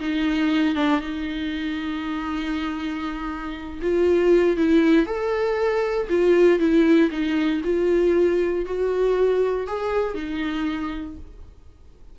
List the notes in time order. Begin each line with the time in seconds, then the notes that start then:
0.00 D#4
0.75 D4
1.00 D#4
3.82 F4
4.57 E4
5.06 A4
6.09 F4
6.59 E4
7.11 D#4
7.64 F4
8.66 F#4
9.67 G#4
10.14 D#4